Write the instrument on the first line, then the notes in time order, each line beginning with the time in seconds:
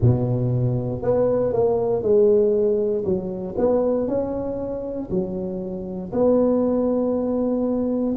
tuba
0.01 B2
1.02 B3
1.53 A#3
2.02 G#3
3.04 F#3
3.57 B3
4.07 C#4
5.10 F#3
6.12 B3